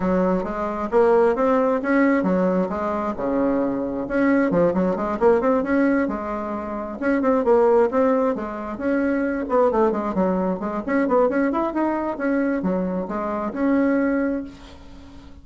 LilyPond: \new Staff \with { instrumentName = "bassoon" } { \time 4/4 \tempo 4 = 133 fis4 gis4 ais4 c'4 | cis'4 fis4 gis4 cis4~ | cis4 cis'4 f8 fis8 gis8 ais8 | c'8 cis'4 gis2 cis'8 |
c'8 ais4 c'4 gis4 cis'8~ | cis'4 b8 a8 gis8 fis4 gis8 | cis'8 b8 cis'8 e'8 dis'4 cis'4 | fis4 gis4 cis'2 | }